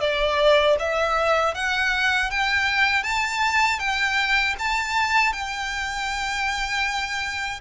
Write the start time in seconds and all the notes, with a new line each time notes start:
0.00 D5
0.79 E5
1.54 F#5
2.30 G5
3.03 A5
3.79 G5
4.58 A5
5.32 G5